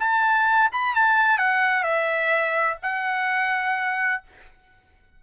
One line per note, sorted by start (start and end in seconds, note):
0.00 0.70 A5
0.72 0.95 B5
0.95 1.38 A5
1.38 1.84 F#5
1.84 2.78 E5
2.83 4.23 F#5